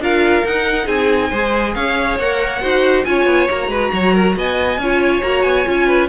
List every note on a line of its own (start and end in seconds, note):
0.00 0.43 D4
0.00 0.45 F4
0.00 0.85 A#4
0.00 0.46 F5
0.45 0.87 D#4
0.45 1.34 D#4
0.45 0.88 F#5
0.85 1.31 C4
0.85 1.29 G#4
0.85 1.75 G#5
1.30 1.76 G#3
1.30 2.20 G#4
1.30 1.73 C5
1.75 2.18 C#4
1.75 2.62 C#5
1.75 2.18 F5
2.18 2.62 A#3
2.18 2.61 A#4
2.18 3.05 F#5
2.61 3.06 D#4
2.61 3.05 F#4
2.61 3.05 C5
3.05 3.26 C#4
3.05 3.48 F4
3.05 3.70 C#5
3.05 3.48 G#5
3.26 3.47 B3
3.48 3.68 A#3
3.48 4.78 F#4
3.48 4.37 A#5
3.68 3.90 G#3
3.68 3.91 B4
3.93 4.36 F#3
3.93 4.14 C#5
4.14 4.36 A#4
4.36 4.78 B3
4.36 4.81 D#5
4.36 5.22 G#5
4.78 5.21 C#4
4.78 5.22 F4
4.78 5.87 C#5
5.22 5.43 A#3
5.22 5.65 F#4
5.22 5.42 A#5
5.42 5.65 B3
5.42 6.07 G#5
5.65 6.09 C#4
5.65 6.08 F4
5.87 6.08 B4